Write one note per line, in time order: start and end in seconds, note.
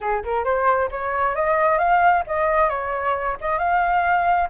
0.00 0.23 G#4
0.24 0.44 A#4
0.44 0.89 C5
0.91 1.35 C#5
1.35 1.78 D#5
1.78 2.23 F5
2.27 2.69 D#5
2.69 3.36 C#5
3.40 3.58 D#5
3.58 4.48 F5